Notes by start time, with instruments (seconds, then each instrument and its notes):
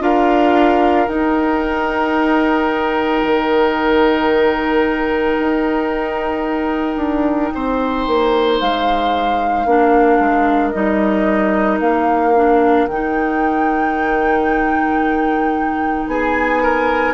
0.00 bassoon D4, clarinet F4, oboe A#4, flute F5
1.08 bassoon D#4, clarinet D#4, flute G5
3.23 bassoon D#3
5.39 bassoon D#4
6.96 bassoon D4
7.55 bassoon C4, oboe C5
8.07 bassoon A#3
8.60 bassoon G#3, flute F5
9.66 bassoon A#3, clarinet D4, oboe A#4
10.19 bassoon G#3
10.71 bassoon G3, clarinet D#4, flute D#5
11.80 bassoon A#3, flute F5
12.35 clarinet D4
12.87 bassoon D#3, clarinet D#4, flute G5
16.07 bassoon B3, oboe G#4, flute G#5
16.63 oboe A#4